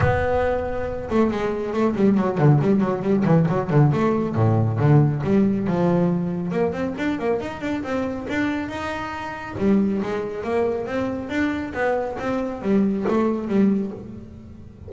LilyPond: \new Staff \with { instrumentName = "double bass" } { \time 4/4 \tempo 4 = 138 b2~ b8 a8 gis4 | a8 g8 fis8 d8 g8 fis8 g8 e8 | fis8 d8 a4 a,4 d4 | g4 f2 ais8 c'8 |
d'8 ais8 dis'8 d'8 c'4 d'4 | dis'2 g4 gis4 | ais4 c'4 d'4 b4 | c'4 g4 a4 g4 | }